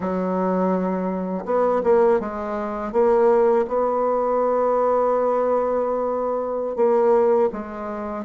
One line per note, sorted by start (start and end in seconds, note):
0.00 1.45 F#3
1.45 1.82 B3
1.83 2.20 A#3
2.20 2.92 G#3
2.92 3.65 A#3
3.67 6.76 B3
6.76 7.49 A#3
7.52 8.24 G#3